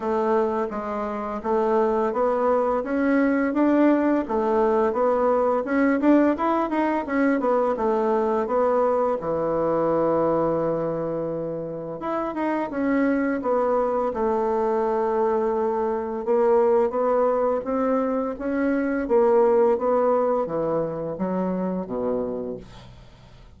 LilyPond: \new Staff \with { instrumentName = "bassoon" } { \time 4/4 \tempo 4 = 85 a4 gis4 a4 b4 | cis'4 d'4 a4 b4 | cis'8 d'8 e'8 dis'8 cis'8 b8 a4 | b4 e2.~ |
e4 e'8 dis'8 cis'4 b4 | a2. ais4 | b4 c'4 cis'4 ais4 | b4 e4 fis4 b,4 | }